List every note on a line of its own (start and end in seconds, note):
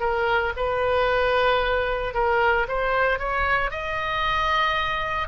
0.00 0.53 A#4
0.56 2.14 B4
2.14 2.67 A#4
2.68 3.18 C5
3.18 3.71 C#5
3.71 5.28 D#5